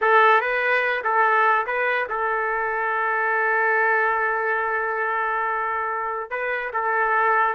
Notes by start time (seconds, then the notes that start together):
0.01 A4
0.40 B4
1.03 A4
1.66 B4
2.09 A4
6.30 B4
6.73 A4